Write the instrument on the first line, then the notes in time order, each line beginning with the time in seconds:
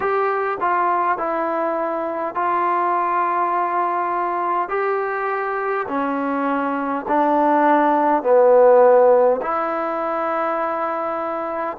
trombone
0.00 G4
0.60 F4
1.18 E4
2.34 F4
4.68 G4
5.88 C#4
7.07 D4
8.22 B3
9.41 E4